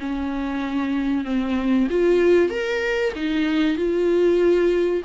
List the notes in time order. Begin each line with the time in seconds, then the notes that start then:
0.00 C#4
1.25 C4
1.91 F4
2.50 A#4
3.16 D#4
3.77 F4